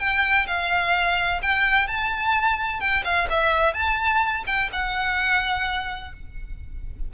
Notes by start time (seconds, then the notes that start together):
0.00 G5
0.48 F5
1.43 G5
1.88 A5
2.80 G5
3.05 F5
3.30 E5
3.74 A5
4.47 G5
4.73 F#5